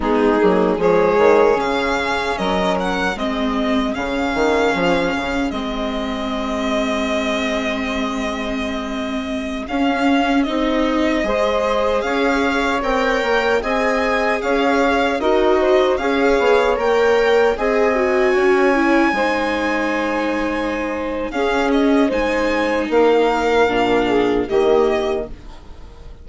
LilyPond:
<<
  \new Staff \with { instrumentName = "violin" } { \time 4/4 \tempo 4 = 76 gis'4 cis''4 f''4 dis''8 fis''8 | dis''4 f''2 dis''4~ | dis''1~ | dis''16 f''4 dis''2 f''8.~ |
f''16 g''4 gis''4 f''4 dis''8.~ | dis''16 f''4 g''4 gis''4.~ gis''16~ | gis''2. f''8 dis''8 | gis''4 f''2 dis''4 | }
  \new Staff \with { instrumentName = "saxophone" } { \time 4/4 dis'4 gis'2 ais'4 | gis'1~ | gis'1~ | gis'2~ gis'16 c''4 cis''8.~ |
cis''4~ cis''16 dis''4 cis''4 ais'8 c''16~ | c''16 cis''2 dis''4 cis''8.~ | cis''16 c''2~ c''8. gis'4 | c''4 ais'4. gis'8 g'4 | }
  \new Staff \with { instrumentName = "viola" } { \time 4/4 b8 ais8 gis4 cis'2 | c'4 cis'2 c'4~ | c'1~ | c'16 cis'4 dis'4 gis'4.~ gis'16~ |
gis'16 ais'4 gis'2 fis'8.~ | fis'16 gis'4 ais'4 gis'8 fis'4 e'16~ | e'16 dis'2~ dis'8. cis'4 | dis'2 d'4 ais4 | }
  \new Staff \with { instrumentName = "bassoon" } { \time 4/4 gis8 fis8 f8 dis8 cis4 fis4 | gis4 cis8 dis8 f8 cis8 gis4~ | gis1~ | gis16 cis'4 c'4 gis4 cis'8.~ |
cis'16 c'8 ais8 c'4 cis'4 dis'8.~ | dis'16 cis'8 b8 ais4 c'4 cis'8.~ | cis'16 gis2~ gis8. cis'4 | gis4 ais4 ais,4 dis4 | }
>>